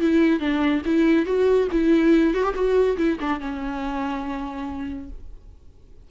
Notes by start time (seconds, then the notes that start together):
0.00 E4
0.39 D4
0.85 E4
1.25 F#4
1.71 E4
2.34 F#4
2.43 G4
2.54 F#4
2.97 E4
3.20 D4
3.40 C#4